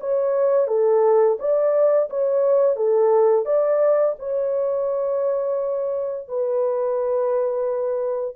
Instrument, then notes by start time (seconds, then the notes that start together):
horn
0.00 C#5
0.67 A4
1.39 D5
2.09 C#5
2.76 A4
3.45 D5
4.19 C#5
6.28 B4